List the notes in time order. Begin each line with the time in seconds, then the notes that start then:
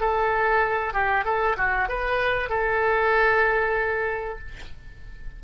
0.00 A4
0.93 G4
1.24 A4
1.57 F#4
1.88 B4
2.49 A4